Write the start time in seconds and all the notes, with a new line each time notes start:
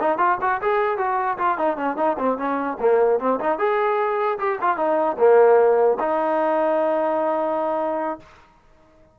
0.00 D#4
0.18 F4
0.41 F#4
0.62 G#4
0.98 F#4
1.38 F4
1.58 D#4
1.77 C#4
1.97 D#4
2.19 C4
2.38 C#4
2.80 A#3
3.20 C4
3.40 D#4
3.58 G#4
4.39 G4
4.61 F4
4.77 D#4
5.18 A#3
6.00 D#4